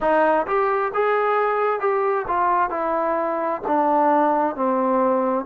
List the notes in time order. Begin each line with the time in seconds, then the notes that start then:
0.00 D#4
0.46 G4
0.94 G#4
1.80 G4
2.27 F4
2.70 E4
3.67 D4
4.55 C4